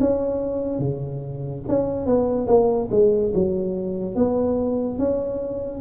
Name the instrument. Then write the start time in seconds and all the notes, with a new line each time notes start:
tuba
0.00 C#4
0.79 C#3
1.68 C#4
2.06 B3
2.47 A#3
2.91 G#3
3.34 F#3
4.15 B3
4.98 C#4